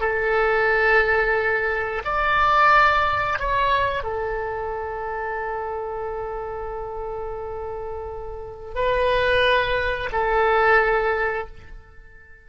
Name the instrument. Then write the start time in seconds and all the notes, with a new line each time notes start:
oboe
0.00 A4
2.04 D5
3.39 C#5
4.03 A4
8.75 B4
10.12 A4